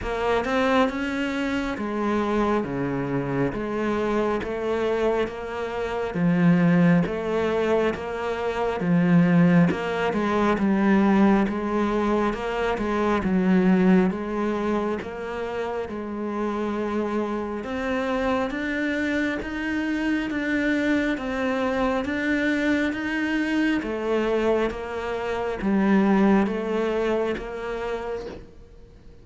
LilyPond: \new Staff \with { instrumentName = "cello" } { \time 4/4 \tempo 4 = 68 ais8 c'8 cis'4 gis4 cis4 | gis4 a4 ais4 f4 | a4 ais4 f4 ais8 gis8 | g4 gis4 ais8 gis8 fis4 |
gis4 ais4 gis2 | c'4 d'4 dis'4 d'4 | c'4 d'4 dis'4 a4 | ais4 g4 a4 ais4 | }